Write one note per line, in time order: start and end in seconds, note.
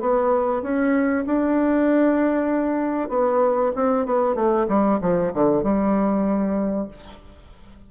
0.00 0.62 B3
0.62 1.25 C#4
1.26 3.09 D4
3.09 3.72 B3
3.76 4.06 C4
4.06 4.35 B3
4.35 4.66 A3
4.68 4.99 G3
5.01 5.32 F3
5.34 5.63 D3
5.63 6.88 G3